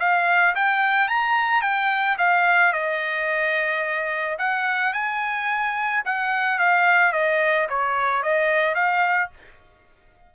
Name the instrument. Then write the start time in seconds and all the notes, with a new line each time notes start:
trumpet
0.00 F5
0.56 G5
1.08 A#5
1.62 G5
2.18 F5
2.73 D#5
4.39 F#5
4.93 G#5
6.06 F#5
6.59 F5
7.13 D#5
7.69 C#5
8.23 D#5
8.75 F5